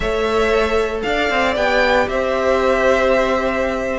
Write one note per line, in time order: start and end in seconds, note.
0.00 1.03 A3
0.00 1.56 A4
0.00 1.04 C#5
0.00 1.00 E5
1.02 1.30 D4
1.02 2.09 D5
1.02 1.54 F5
1.30 1.56 C4
1.56 2.07 B3
1.56 3.99 G4
1.56 2.08 G5
2.08 3.99 C4
2.08 3.99 C5
2.08 3.99 E5